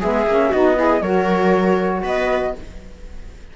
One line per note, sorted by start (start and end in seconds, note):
0.00 0.27 G#3
0.00 0.27 B3
0.00 0.49 G#4
0.00 0.53 E5
0.27 0.52 A#3
0.27 0.55 C#4
0.49 1.01 B3
0.49 0.76 D#4
0.49 0.75 F#4
0.49 1.02 D#5
0.76 1.01 E4
0.76 1.03 G#4
1.01 2.02 F#3
1.01 2.55 F#4
1.01 2.03 A#4
1.01 2.03 C#5
2.03 2.54 B3
2.03 2.54 B4
2.03 2.56 D#5